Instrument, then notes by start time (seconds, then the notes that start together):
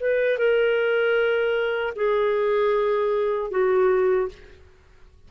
clarinet
0.00 B4
0.38 A#4
1.96 G#4
3.51 F#4